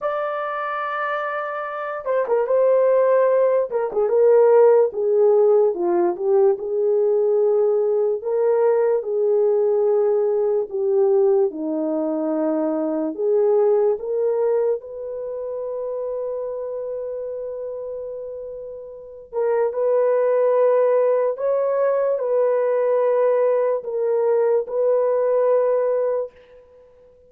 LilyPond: \new Staff \with { instrumentName = "horn" } { \time 4/4 \tempo 4 = 73 d''2~ d''8 c''16 ais'16 c''4~ | c''8 ais'16 gis'16 ais'4 gis'4 f'8 g'8 | gis'2 ais'4 gis'4~ | gis'4 g'4 dis'2 |
gis'4 ais'4 b'2~ | b'2.~ b'8 ais'8 | b'2 cis''4 b'4~ | b'4 ais'4 b'2 | }